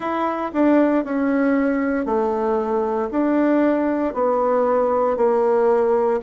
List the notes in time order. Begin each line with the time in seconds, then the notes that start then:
0.00 E4
0.53 D4
1.04 C#4
2.05 A3
3.11 D4
4.14 B3
5.17 A#3